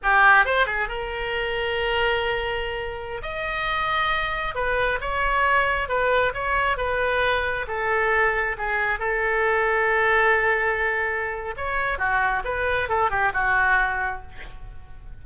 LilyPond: \new Staff \with { instrumentName = "oboe" } { \time 4/4 \tempo 4 = 135 g'4 c''8 gis'8 ais'2~ | ais'2.~ ais'16 dis''8.~ | dis''2~ dis''16 b'4 cis''8.~ | cis''4~ cis''16 b'4 cis''4 b'8.~ |
b'4~ b'16 a'2 gis'8.~ | gis'16 a'2.~ a'8.~ | a'2 cis''4 fis'4 | b'4 a'8 g'8 fis'2 | }